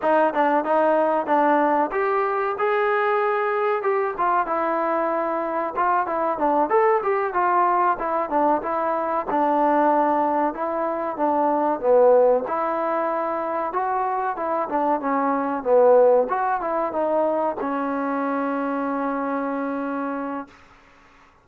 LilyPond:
\new Staff \with { instrumentName = "trombone" } { \time 4/4 \tempo 4 = 94 dis'8 d'8 dis'4 d'4 g'4 | gis'2 g'8 f'8 e'4~ | e'4 f'8 e'8 d'8 a'8 g'8 f'8~ | f'8 e'8 d'8 e'4 d'4.~ |
d'8 e'4 d'4 b4 e'8~ | e'4. fis'4 e'8 d'8 cis'8~ | cis'8 b4 fis'8 e'8 dis'4 cis'8~ | cis'1 | }